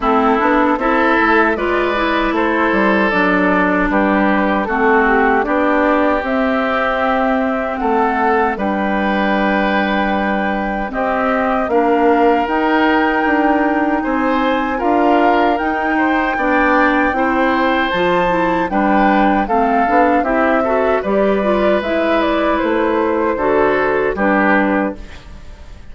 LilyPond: <<
  \new Staff \with { instrumentName = "flute" } { \time 4/4 \tempo 4 = 77 a'4 e''4 d''4 c''4 | d''4 b'4 a'8 g'8 d''4 | e''2 fis''4 g''4~ | g''2 dis''4 f''4 |
g''2 gis''4 f''4 | g''2. a''4 | g''4 f''4 e''4 d''4 | e''8 d''8 c''2 b'4 | }
  \new Staff \with { instrumentName = "oboe" } { \time 4/4 e'4 a'4 b'4 a'4~ | a'4 g'4 fis'4 g'4~ | g'2 a'4 b'4~ | b'2 g'4 ais'4~ |
ais'2 c''4 ais'4~ | ais'8 c''8 d''4 c''2 | b'4 a'4 g'8 a'8 b'4~ | b'2 a'4 g'4 | }
  \new Staff \with { instrumentName = "clarinet" } { \time 4/4 c'8 d'8 e'4 f'8 e'4. | d'2 c'4 d'4 | c'2. d'4~ | d'2 c'4 d'4 |
dis'2. f'4 | dis'4 d'4 e'4 f'8 e'8 | d'4 c'8 d'8 e'8 fis'8 g'8 f'8 | e'2 fis'4 d'4 | }
  \new Staff \with { instrumentName = "bassoon" } { \time 4/4 a8 b8 c'8 a8 gis4 a8 g8 | fis4 g4 a4 b4 | c'2 a4 g4~ | g2 c'4 ais4 |
dis'4 d'4 c'4 d'4 | dis'4 b4 c'4 f4 | g4 a8 b8 c'4 g4 | gis4 a4 d4 g4 | }
>>